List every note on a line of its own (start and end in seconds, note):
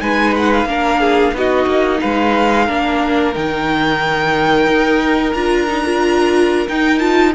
0.00 0.65 G#3
0.00 0.67 D#4
0.00 0.68 B4
0.00 0.34 G#5
0.37 0.53 F#5
0.53 1.36 F5
0.65 1.32 A#3
0.65 1.35 D4
0.65 1.00 A#4
1.00 1.34 G#4
1.32 1.66 B3
1.32 2.68 D#4
1.32 2.01 F#4
1.32 2.01 D#5
1.66 2.00 A#3
2.01 2.69 G#3
2.01 2.66 B4
2.01 3.34 F5
2.66 3.36 A#3
2.66 3.34 D4
2.66 7.32 A#4
3.34 4.67 D#3
3.34 5.34 D#4
3.34 5.34 G5
4.67 5.33 D#4
5.34 6.67 D4
5.34 5.68 F4
5.34 6.67 A#5
5.68 5.84 D#4
5.85 6.68 F4
6.68 7.00 D#4
6.68 7.35 D#4
6.68 6.99 G5
6.99 7.33 F4
6.99 7.32 A5